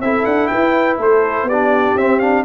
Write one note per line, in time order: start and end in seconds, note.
0.00 0.24 C4
0.00 1.51 E4
0.00 0.51 A4
0.00 0.25 E5
0.25 0.50 D4
0.25 0.47 F#5
0.47 0.99 B4
0.47 0.96 G5
0.54 0.98 E4
0.98 1.43 A3
0.98 1.47 A4
0.98 1.49 C5
1.43 1.92 B3
1.43 2.45 G4
1.43 1.97 D5
1.51 1.99 D4
1.96 2.44 C4
1.96 2.21 C4
1.96 2.19 E5
2.19 2.45 D4
2.19 2.43 F5